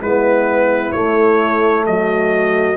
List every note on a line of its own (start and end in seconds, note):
0.00 0.92 G#3
0.00 0.93 B3
0.00 1.86 E4
0.00 0.92 B4
0.92 2.77 A3
0.92 1.87 A3
0.92 1.84 C#5
1.86 2.77 F#3
1.86 2.77 F#4
1.86 2.77 D#5